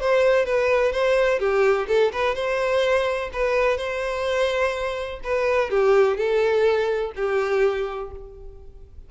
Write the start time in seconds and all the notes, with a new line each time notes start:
0.00 C5
0.45 B4
0.92 C5
1.39 G4
1.88 A4
2.12 B4
2.35 C5
3.32 B4
3.77 C5
5.24 B4
5.70 G4
6.17 A4
7.15 G4